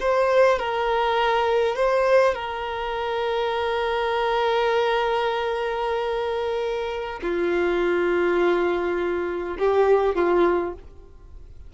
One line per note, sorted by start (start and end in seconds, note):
0.00 0.59 C5
0.59 1.75 A#4
1.75 2.34 C5
2.34 7.20 A#4
7.22 9.57 F4
9.59 10.15 G4
10.15 10.74 F4